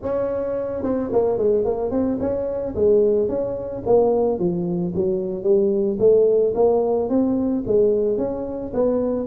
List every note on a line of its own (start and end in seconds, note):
0.02 0.83 C#4
0.83 1.10 C4
1.12 1.38 A#3
1.38 1.64 G#3
1.64 1.91 A#3
1.91 2.18 C4
2.20 2.74 C#4
2.75 3.28 G#3
3.28 3.83 C#4
3.86 4.38 A#3
4.38 4.93 F3
4.94 5.43 F#3
5.43 5.97 G3
5.99 6.53 A3
6.54 7.09 A#3
7.09 7.63 C4
7.66 8.17 G#3
8.17 8.72 C#4
8.73 9.26 B3